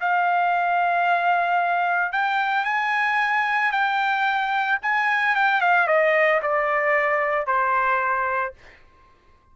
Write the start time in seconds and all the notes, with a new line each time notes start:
0.00 F5
2.12 G5
2.65 G#5
3.72 G5
4.82 G#5
5.35 G5
5.61 F5
5.87 D#5
6.42 D5
7.47 C5